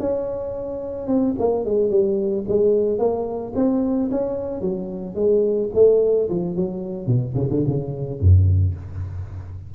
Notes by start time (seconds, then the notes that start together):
0.00 C#4
1.08 C4
1.39 A#3
1.66 G#3
1.91 G3
2.49 G#3
2.99 A#3
3.56 C4
4.11 C#4
4.61 F#3
5.15 G#3
5.75 A3
6.30 F3
6.56 F#3
7.07 B2
7.35 C#3
7.50 D3
7.67 C#3
8.20 F#2